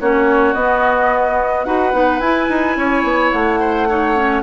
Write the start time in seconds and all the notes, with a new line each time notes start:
0.00 A#3 C#4 F#4 C#5
0.53 B3 D#5
1.64 D#4 F#4 B4 F#5
1.92 B3 D#4
2.19 E4 G#5
2.49 D#4
2.77 C#4 C#5
3.03 B3
3.32 A3 F#5
3.60 C5
3.89 D#4 C#5
4.16 C#4